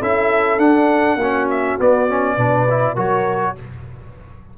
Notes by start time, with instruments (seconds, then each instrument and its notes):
0.00 tuba C#4, trombone E4, horn A4, trumpet E5
0.59 tuba D4, trombone D4, trumpet F#5
1.16 tuba A#3, trombone C#4, horn F#4
1.50 trumpet E5
1.79 trombone B3, tuba B3, trumpet D5
2.09 trombone C#4
2.36 tuba B2, trombone D4, horn B4
2.70 trombone E4
2.95 tuba F#3, trombone F#4, horn A#4, trumpet C#5